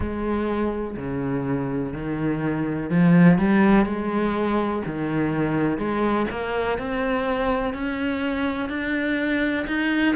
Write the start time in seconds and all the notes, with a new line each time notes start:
0.00 G#3
0.97 C#3
1.93 D#3
2.90 F3
3.38 G3
3.85 G#3
4.86 D#3
5.78 G#3
6.30 A#3
6.78 C4
7.73 C#4
8.69 D4
9.67 D#4